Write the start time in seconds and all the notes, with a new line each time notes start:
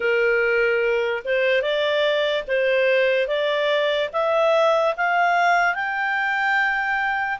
0.00 A#4
1.24 C5
1.61 D5
2.47 C5
3.27 D5
4.12 E5
4.96 F5
5.74 G5